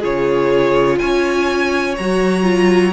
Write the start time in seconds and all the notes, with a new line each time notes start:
0.00 C#3 F4 G#4 C#5
0.98 C#4 C#5 G#5
1.97 F#3 F#4 A#5
2.43 F4